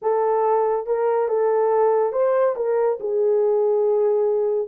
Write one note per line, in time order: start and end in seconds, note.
0.02 0.86 A4
0.86 1.28 A#4
1.28 2.12 A4
2.12 2.55 C5
2.56 2.98 A#4
2.99 4.68 G#4